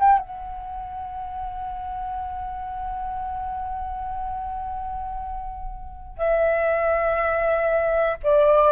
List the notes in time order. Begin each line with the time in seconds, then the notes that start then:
0.00 G5
0.19 F#5
6.18 E5
8.24 D5